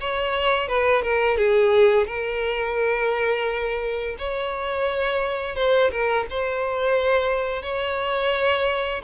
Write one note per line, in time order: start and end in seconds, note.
0.00 0.68 C#5
0.68 1.02 B4
1.02 1.37 A#4
1.37 2.06 G#4
2.07 4.16 A#4
4.18 5.56 C#5
5.56 5.90 C5
5.91 6.26 A#4
6.29 7.62 C5
7.62 9.02 C#5